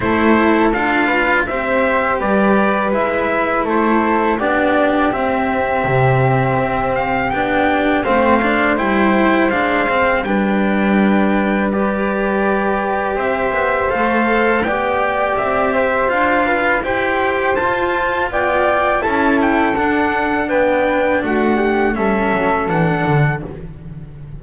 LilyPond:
<<
  \new Staff \with { instrumentName = "trumpet" } { \time 4/4 \tempo 4 = 82 c''4 f''4 e''4 d''4 | e''4 c''4 d''4 e''4~ | e''4. f''8 g''4 f''4 | g''4 f''4 g''2 |
d''2 e''4 f''4 | g''4 e''4 f''4 g''4 | a''4 g''4 a''8 g''8 fis''4 | g''4 fis''4 e''4 fis''4 | }
  \new Staff \with { instrumentName = "flute" } { \time 4/4 a'4. b'8 c''4 b'4~ | b'4 a'4 g'2~ | g'2. c''4~ | c''2 b'2~ |
b'2 c''2 | d''4. c''4 b'8 c''4~ | c''4 d''4 a'2 | b'4 fis'8 g'8 a'2 | }
  \new Staff \with { instrumentName = "cello" } { \time 4/4 e'4 f'4 g'2 | e'2 d'4 c'4~ | c'2 d'4 c'8 d'8 | e'4 d'8 c'8 d'2 |
g'2. a'4 | g'2 f'4 g'4 | f'2 e'4 d'4~ | d'2 cis'4 d'4 | }
  \new Staff \with { instrumentName = "double bass" } { \time 4/4 a4 d'4 c'4 g4 | gis4 a4 b4 c'4 | c4 c'4 b4 a4 | g4 gis4 g2~ |
g2 c'8 b8 a4 | b4 c'4 d'4 e'4 | f'4 b4 cis'4 d'4 | b4 a4 g8 fis8 e8 d8 | }
>>